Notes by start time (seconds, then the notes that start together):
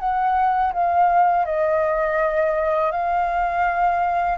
0.00 F#5
0.74 F5
1.46 D#5
2.92 F5